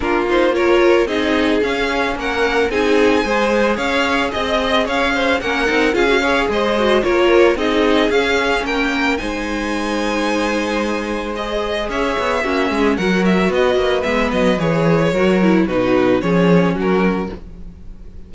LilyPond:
<<
  \new Staff \with { instrumentName = "violin" } { \time 4/4 \tempo 4 = 111 ais'8 c''8 cis''4 dis''4 f''4 | fis''4 gis''2 f''4 | dis''4 f''4 fis''4 f''4 | dis''4 cis''4 dis''4 f''4 |
g''4 gis''2.~ | gis''4 dis''4 e''2 | fis''8 e''8 dis''4 e''8 dis''8 cis''4~ | cis''4 b'4 cis''4 ais'4 | }
  \new Staff \with { instrumentName = "violin" } { \time 4/4 f'4 ais'4 gis'2 | ais'4 gis'4 c''4 cis''4 | dis''4 cis''8 c''8 ais'4 gis'8 cis''8 | c''4 ais'4 gis'2 |
ais'4 c''2.~ | c''2 cis''4 fis'8 gis'8 | ais'4 b'2. | ais'4 fis'4 gis'4 fis'4 | }
  \new Staff \with { instrumentName = "viola" } { \time 4/4 d'8 dis'8 f'4 dis'4 cis'4~ | cis'4 dis'4 gis'2~ | gis'2 cis'8 dis'8 f'16 fis'16 gis'8~ | gis'8 fis'8 f'4 dis'4 cis'4~ |
cis'4 dis'2.~ | dis'4 gis'2 cis'4 | fis'2 b4 gis'4 | fis'8 e'8 dis'4 cis'2 | }
  \new Staff \with { instrumentName = "cello" } { \time 4/4 ais2 c'4 cis'4 | ais4 c'4 gis4 cis'4 | c'4 cis'4 ais8 c'8 cis'4 | gis4 ais4 c'4 cis'4 |
ais4 gis2.~ | gis2 cis'8 b8 ais8 gis8 | fis4 b8 ais8 gis8 fis8 e4 | fis4 b,4 f4 fis4 | }
>>